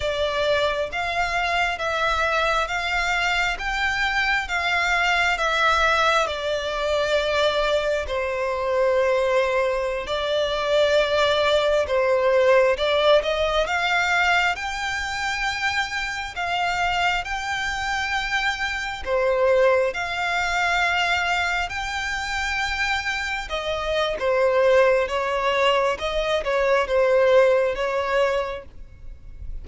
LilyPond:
\new Staff \with { instrumentName = "violin" } { \time 4/4 \tempo 4 = 67 d''4 f''4 e''4 f''4 | g''4 f''4 e''4 d''4~ | d''4 c''2~ c''16 d''8.~ | d''4~ d''16 c''4 d''8 dis''8 f''8.~ |
f''16 g''2 f''4 g''8.~ | g''4~ g''16 c''4 f''4.~ f''16~ | f''16 g''2 dis''8. c''4 | cis''4 dis''8 cis''8 c''4 cis''4 | }